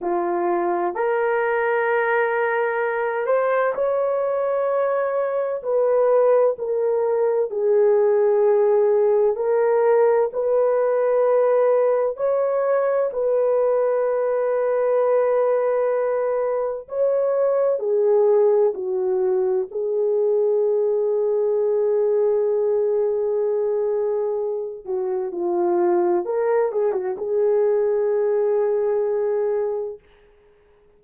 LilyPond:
\new Staff \with { instrumentName = "horn" } { \time 4/4 \tempo 4 = 64 f'4 ais'2~ ais'8 c''8 | cis''2 b'4 ais'4 | gis'2 ais'4 b'4~ | b'4 cis''4 b'2~ |
b'2 cis''4 gis'4 | fis'4 gis'2.~ | gis'2~ gis'8 fis'8 f'4 | ais'8 gis'16 fis'16 gis'2. | }